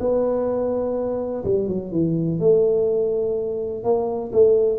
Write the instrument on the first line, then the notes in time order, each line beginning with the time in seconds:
tuba
0.00 B3
1.44 G3
1.68 F#3
1.91 E3
2.39 A3
3.84 A#3
4.32 A3